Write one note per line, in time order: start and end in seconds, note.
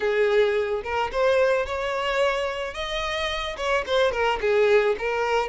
0.00 0.82 G#4
0.83 1.11 A#4
1.12 1.65 C5
1.65 2.73 C#5
2.73 3.56 D#5
3.56 3.84 C#5
3.86 4.11 C5
4.11 4.39 A#4
4.40 4.95 G#4
4.98 5.48 A#4